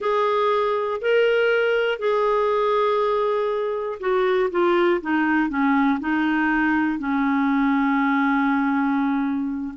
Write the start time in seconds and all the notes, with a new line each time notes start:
0.00 G#4
1.01 A#4
1.98 G#4
4.00 F#4
4.50 F4
5.00 D#4
5.49 C#4
6.00 D#4
6.98 C#4